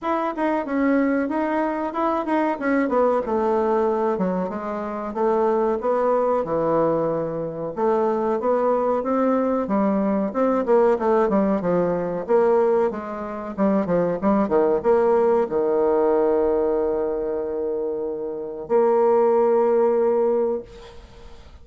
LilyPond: \new Staff \with { instrumentName = "bassoon" } { \time 4/4 \tempo 4 = 93 e'8 dis'8 cis'4 dis'4 e'8 dis'8 | cis'8 b8 a4. fis8 gis4 | a4 b4 e2 | a4 b4 c'4 g4 |
c'8 ais8 a8 g8 f4 ais4 | gis4 g8 f8 g8 dis8 ais4 | dis1~ | dis4 ais2. | }